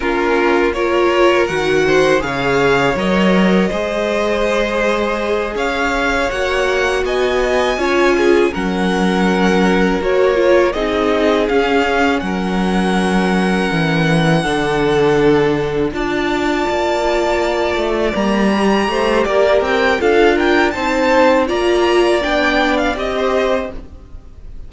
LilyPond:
<<
  \new Staff \with { instrumentName = "violin" } { \time 4/4 \tempo 4 = 81 ais'4 cis''4 fis''4 f''4 | dis''2.~ dis''8 f''8~ | f''8 fis''4 gis''2 fis''8~ | fis''4. cis''4 dis''4 f''8~ |
f''8 fis''2.~ fis''8~ | fis''4. a''2~ a''8~ | a''8 ais''4. d''8 g''8 f''8 g''8 | a''4 ais''4 g''8. f''16 dis''4 | }
  \new Staff \with { instrumentName = "violin" } { \time 4/4 f'4 ais'4. c''8 cis''4~ | cis''4 c''2~ c''8 cis''8~ | cis''4. dis''4 cis''8 gis'8 ais'8~ | ais'2~ ais'8 gis'4.~ |
gis'8 ais'2. a'8~ | a'4. d''2~ d''8~ | d''4. c''8 ais'4 a'8 ais'8 | c''4 d''2~ d''16 c''8. | }
  \new Staff \with { instrumentName = "viola" } { \time 4/4 cis'4 f'4 fis'4 gis'4 | ais'4 gis'2.~ | gis'8 fis'2 f'4 cis'8~ | cis'4. fis'8 f'8 dis'4 cis'8~ |
cis'2.~ cis'8 d'8~ | d'4. f'2~ f'8~ | f'8 ais8 g'2 f'4 | dis'4 f'4 d'4 g'4 | }
  \new Staff \with { instrumentName = "cello" } { \time 4/4 ais2 dis4 cis4 | fis4 gis2~ gis8 cis'8~ | cis'8 ais4 b4 cis'4 fis8~ | fis4. ais4 c'4 cis'8~ |
cis'8 fis2 e4 d8~ | d4. d'4 ais4. | a8 g4 a8 ais8 c'8 d'4 | c'4 ais4 b4 c'4 | }
>>